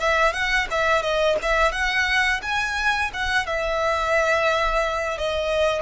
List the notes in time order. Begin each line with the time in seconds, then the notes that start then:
0.00 E5
0.33 F#5
0.71 E5
1.02 D#5
1.42 E5
1.71 F#5
2.42 G#5
3.13 F#5
3.46 E5
5.18 D#5